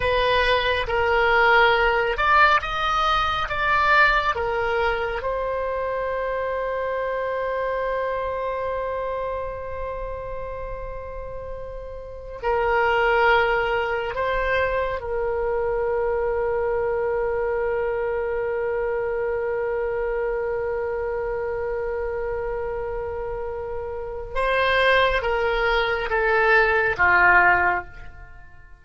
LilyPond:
\new Staff \with { instrumentName = "oboe" } { \time 4/4 \tempo 4 = 69 b'4 ais'4. d''8 dis''4 | d''4 ais'4 c''2~ | c''1~ | c''2~ c''16 ais'4.~ ais'16~ |
ais'16 c''4 ais'2~ ais'8.~ | ais'1~ | ais'1 | c''4 ais'4 a'4 f'4 | }